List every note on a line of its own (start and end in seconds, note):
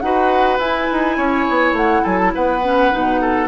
0.00 0.58 D#4
0.00 0.59 F#4
0.00 1.17 B4
0.00 0.58 F#5
0.58 0.87 E4
0.58 2.61 E4
0.58 1.75 G#5
0.91 1.17 D#4
1.17 1.46 C#4
1.17 2.02 C#5
1.49 1.72 B3
1.72 2.01 A3
1.72 2.04 F#5
2.02 2.34 F#3
2.02 2.31 A4
2.02 2.17 G#5
2.17 2.31 A5
2.34 2.93 B3
2.34 3.21 B4
2.34 3.48 F#5
2.63 2.92 C#4
2.92 3.48 B2
2.92 3.48 D#4
3.21 3.48 A4